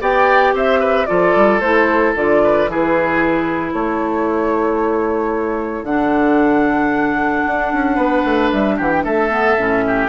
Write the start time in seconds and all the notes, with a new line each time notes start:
0.00 B3 G4 D5 G5
0.53 C4 C5 E5
0.79 B4
1.06 F3 F4 A4 D5
1.35 G3
1.60 A3 E4 C5
2.15 D3 F4 D5
2.44 B4
2.67 E3 E4 G#4 B4
3.72 A3 A4 C#5
5.83 D3 D4 F#5
7.46 D4
7.72 C#4
7.95 B3 B4
8.24 A3
8.51 G3 E5
8.76 E3 G4 F#5
8.90 G5
9.04 A3 A4 E5
9.30 B3
9.57 A2 C#4
9.87 G4